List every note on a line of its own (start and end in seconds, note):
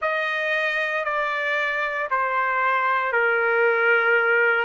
0.01 1.04 D#5
1.04 2.07 D5
2.10 3.12 C5
3.12 4.64 A#4